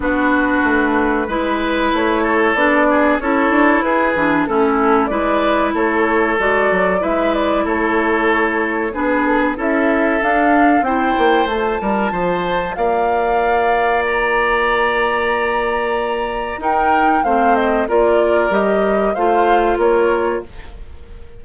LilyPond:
<<
  \new Staff \with { instrumentName = "flute" } { \time 4/4 \tempo 4 = 94 b'2. cis''4 | d''4 cis''4 b'4 a'4 | d''4 cis''4 d''4 e''8 d''8 | cis''2 b'8 a'16 b'16 e''4 |
f''4 g''4 a''2 | f''2 ais''2~ | ais''2 g''4 f''8 dis''8 | d''4 dis''4 f''4 cis''4 | }
  \new Staff \with { instrumentName = "oboe" } { \time 4/4 fis'2 b'4. a'8~ | a'8 gis'8 a'4 gis'4 e'4 | b'4 a'2 b'4 | a'2 gis'4 a'4~ |
a'4 c''4. ais'8 c''4 | d''1~ | d''2 ais'4 c''4 | ais'2 c''4 ais'4 | }
  \new Staff \with { instrumentName = "clarinet" } { \time 4/4 d'2 e'2 | d'4 e'4. d'8 cis'4 | e'2 fis'4 e'4~ | e'2 d'4 e'4 |
d'4 e'4 f'2~ | f'1~ | f'2 dis'4 c'4 | f'4 g'4 f'2 | }
  \new Staff \with { instrumentName = "bassoon" } { \time 4/4 b4 a4 gis4 a4 | b4 cis'8 d'8 e'8 e8 a4 | gis4 a4 gis8 fis8 gis4 | a2 b4 cis'4 |
d'4 c'8 ais8 a8 g8 f4 | ais1~ | ais2 dis'4 a4 | ais4 g4 a4 ais4 | }
>>